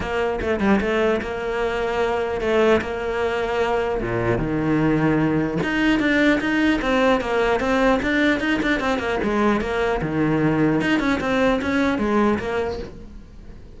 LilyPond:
\new Staff \with { instrumentName = "cello" } { \time 4/4 \tempo 4 = 150 ais4 a8 g8 a4 ais4~ | ais2 a4 ais4~ | ais2 ais,4 dis4~ | dis2 dis'4 d'4 |
dis'4 c'4 ais4 c'4 | d'4 dis'8 d'8 c'8 ais8 gis4 | ais4 dis2 dis'8 cis'8 | c'4 cis'4 gis4 ais4 | }